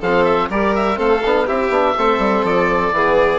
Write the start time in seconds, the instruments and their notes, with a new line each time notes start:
0.00 bassoon F3, trombone C4, violin A4, oboe F5
0.25 oboe E5
0.50 bassoon G3, trombone G4, violin A#4, oboe D5
0.75 oboe E5
0.96 bassoon A3, trombone C4, violin A4, oboe F5
1.25 bassoon B3, trombone D4
1.46 bassoon C4, trombone E4, violin G4, oboe E5
1.70 bassoon B3, trombone D4
1.98 bassoon A3, trombone C4, violin A4
2.19 bassoon G3
2.44 bassoon F3, oboe D5
2.93 bassoon E3, trombone B3, violin G#4